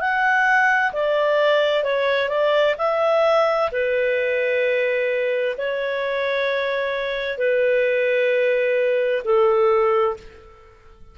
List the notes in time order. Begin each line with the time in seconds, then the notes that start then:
0.00 F#5
0.93 D5
1.84 C#5
2.29 D5
2.78 E5
3.71 B4
5.58 C#5
7.38 B4
9.24 A4